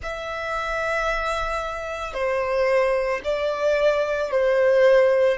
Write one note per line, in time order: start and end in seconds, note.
0.02 2.13 E5
2.13 3.20 C5
3.24 4.31 D5
4.31 5.37 C5